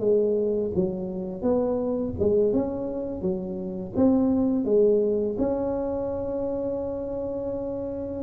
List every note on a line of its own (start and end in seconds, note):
0.00 0.71 G#3
0.75 1.43 F#3
1.43 2.14 B3
2.20 2.54 G#3
2.54 3.22 C#4
3.22 3.94 F#3
3.96 4.65 C4
4.65 5.37 G#3
5.39 8.24 C#4